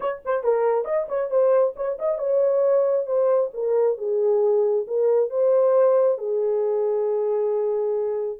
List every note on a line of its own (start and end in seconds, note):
0.00 0.22 C#5
0.25 0.43 C5
0.43 0.84 A#4
0.84 1.06 D#5
1.08 1.30 C#5
1.30 1.74 C5
1.76 1.98 C#5
1.99 2.18 D#5
2.18 3.06 C#5
3.06 3.50 C5
3.53 3.97 A#4
3.97 4.85 G#4
4.87 5.29 A#4
5.29 6.18 C5
6.18 8.38 G#4